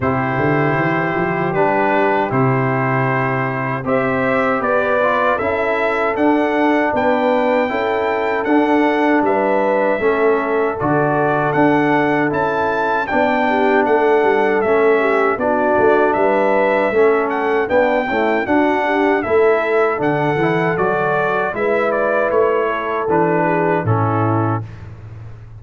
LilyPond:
<<
  \new Staff \with { instrumentName = "trumpet" } { \time 4/4 \tempo 4 = 78 c''2 b'4 c''4~ | c''4 e''4 d''4 e''4 | fis''4 g''2 fis''4 | e''2 d''4 fis''4 |
a''4 g''4 fis''4 e''4 | d''4 e''4. fis''8 g''4 | fis''4 e''4 fis''4 d''4 | e''8 d''8 cis''4 b'4 a'4 | }
  \new Staff \with { instrumentName = "horn" } { \time 4/4 g'1~ | g'4 c''4 b'4 a'4~ | a'4 b'4 a'2 | b'4 a'2.~ |
a'4 d''8 g'8 a'4. g'8 | fis'4 b'4 a'4 d'8 e'8 | fis'8 g'8 a'2. | b'4. a'4 gis'8 e'4 | }
  \new Staff \with { instrumentName = "trombone" } { \time 4/4 e'2 d'4 e'4~ | e'4 g'4. f'8 e'4 | d'2 e'4 d'4~ | d'4 cis'4 fis'4 d'4 |
e'4 d'2 cis'4 | d'2 cis'4 b8 a8 | d'4 e'4 d'8 e'8 fis'4 | e'2 d'4 cis'4 | }
  \new Staff \with { instrumentName = "tuba" } { \time 4/4 c8 d8 e8 f8 g4 c4~ | c4 c'4 b4 cis'4 | d'4 b4 cis'4 d'4 | g4 a4 d4 d'4 |
cis'4 b4 a8 g8 a4 | b8 a8 g4 a4 b8 cis'8 | d'4 a4 d8 e8 fis4 | gis4 a4 e4 a,4 | }
>>